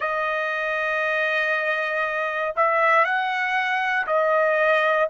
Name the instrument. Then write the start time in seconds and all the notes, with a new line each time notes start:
trumpet
0.00 D#5
2.56 E5
3.04 F#5
4.07 D#5